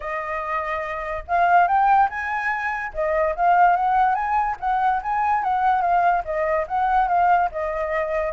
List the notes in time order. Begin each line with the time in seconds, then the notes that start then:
0.00 D#5
1.27 F5
1.67 G5
2.09 G#5
2.93 D#5
3.35 F5
3.76 F#5
4.15 G#5
4.59 F#5
5.02 G#5
5.43 F#5
5.81 F5
6.24 D#5
6.67 F#5
7.07 F5
7.51 D#5